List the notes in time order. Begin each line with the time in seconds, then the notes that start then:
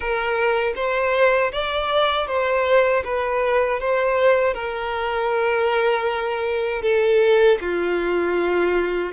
0.00 A#4
0.75 C5
1.52 D5
2.27 C5
3.04 B4
3.79 C5
4.54 A#4
6.81 A4
7.60 F4